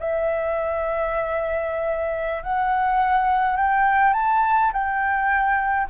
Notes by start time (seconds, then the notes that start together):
0.00 E5
2.43 F#5
3.57 G5
4.14 A5
4.73 G5